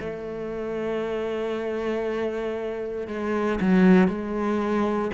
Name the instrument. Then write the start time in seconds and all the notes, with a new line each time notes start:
cello
0.00 A3
3.07 G#3
3.61 F#3
4.07 G#3